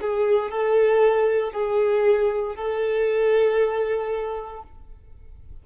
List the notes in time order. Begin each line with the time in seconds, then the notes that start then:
0.00 G#4
0.51 A4
1.52 G#4
2.55 A4